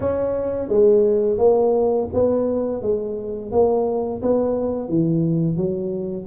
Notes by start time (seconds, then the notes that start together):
0.00 C#4
0.68 G#3
1.38 A#3
2.13 B3
2.82 G#3
3.51 A#3
4.22 B3
4.88 E3
5.56 F#3